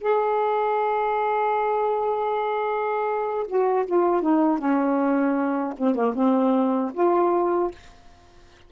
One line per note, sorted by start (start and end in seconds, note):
0.00 3.46 G#4
3.47 3.86 F#4
3.86 4.21 F4
4.21 4.58 D#4
4.58 5.73 C#4
5.78 5.95 C4
5.95 6.14 A#3
6.15 6.92 C4
6.94 7.71 F4